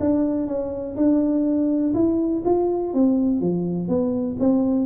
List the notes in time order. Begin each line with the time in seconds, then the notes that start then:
0.00 D4
0.47 C#4
0.96 D4
1.94 E4
2.45 F4
2.94 C4
3.41 F3
3.88 B3
4.40 C4